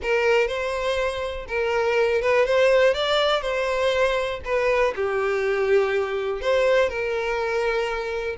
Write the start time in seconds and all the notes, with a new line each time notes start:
0.02 A#4
0.47 C5
1.48 A#4
2.21 B4
2.45 C5
2.94 D5
3.41 C5
4.45 B4
4.95 G4
6.41 C5
6.89 A#4